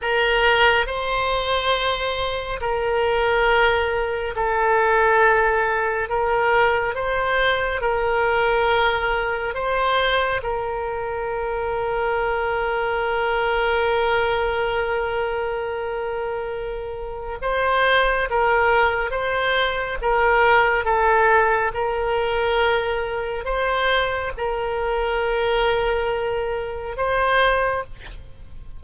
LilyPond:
\new Staff \with { instrumentName = "oboe" } { \time 4/4 \tempo 4 = 69 ais'4 c''2 ais'4~ | ais'4 a'2 ais'4 | c''4 ais'2 c''4 | ais'1~ |
ais'1 | c''4 ais'4 c''4 ais'4 | a'4 ais'2 c''4 | ais'2. c''4 | }